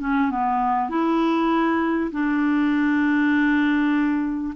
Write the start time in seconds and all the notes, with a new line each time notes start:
0.00 C#4
0.30 B3
0.89 E4
2.11 D4